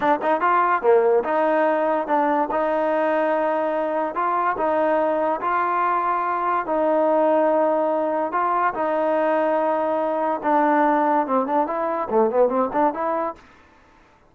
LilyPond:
\new Staff \with { instrumentName = "trombone" } { \time 4/4 \tempo 4 = 144 d'8 dis'8 f'4 ais4 dis'4~ | dis'4 d'4 dis'2~ | dis'2 f'4 dis'4~ | dis'4 f'2. |
dis'1 | f'4 dis'2.~ | dis'4 d'2 c'8 d'8 | e'4 a8 b8 c'8 d'8 e'4 | }